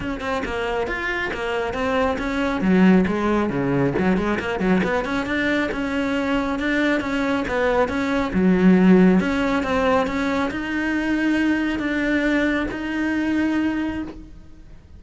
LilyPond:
\new Staff \with { instrumentName = "cello" } { \time 4/4 \tempo 4 = 137 cis'8 c'8 ais4 f'4 ais4 | c'4 cis'4 fis4 gis4 | cis4 fis8 gis8 ais8 fis8 b8 cis'8 | d'4 cis'2 d'4 |
cis'4 b4 cis'4 fis4~ | fis4 cis'4 c'4 cis'4 | dis'2. d'4~ | d'4 dis'2. | }